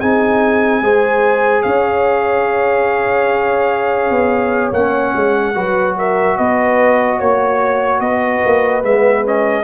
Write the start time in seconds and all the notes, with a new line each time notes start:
0.00 C4 D#4 G#4 G#5
0.82 G#3 G#4 C5
1.63 C#4 C#5 F5
4.10 B3
4.72 A#3 C#4 F#5
5.16 G#3
5.55 F#3 F#4 B4
5.98 A#4 E5
6.38 B3 B4 D#5
7.18 A#3 C#5
8.01 B3 B4 D#5
8.46 A#3
8.83 G#3 B3 E5
9.25 C#4 D#5